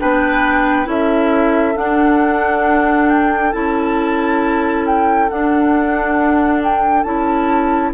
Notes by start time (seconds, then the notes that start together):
0.00 B3 D4 B4 G5
0.85 C#4 E4 A4 E5
1.75 D4 F#5
3.09 G5
3.52 C#4 E4 A5
4.86 G5
5.30 D4 F#5
6.63 G5
7.03 C#4 E4 A5